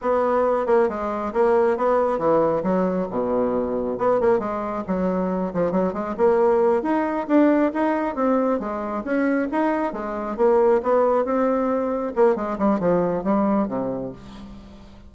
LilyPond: \new Staff \with { instrumentName = "bassoon" } { \time 4/4 \tempo 4 = 136 b4. ais8 gis4 ais4 | b4 e4 fis4 b,4~ | b,4 b8 ais8 gis4 fis4~ | fis8 f8 fis8 gis8 ais4. dis'8~ |
dis'8 d'4 dis'4 c'4 gis8~ | gis8 cis'4 dis'4 gis4 ais8~ | ais8 b4 c'2 ais8 | gis8 g8 f4 g4 c4 | }